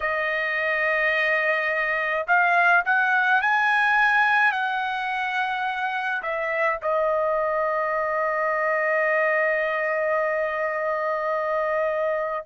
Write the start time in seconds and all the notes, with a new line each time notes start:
0.00 D#5
2.27 F5
2.85 F#5
3.41 G#5
4.52 F#5
6.22 E5
6.82 D#5